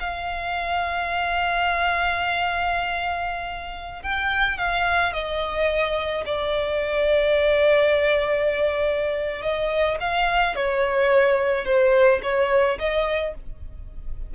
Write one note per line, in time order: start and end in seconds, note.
0.00 4.03 F5
4.03 4.58 G5
4.58 5.13 F5
5.13 6.24 D#5
6.26 9.42 D5
9.42 9.98 D#5
10.00 10.56 F5
10.56 11.65 C#5
11.65 12.21 C5
12.23 12.79 C#5
12.79 13.34 D#5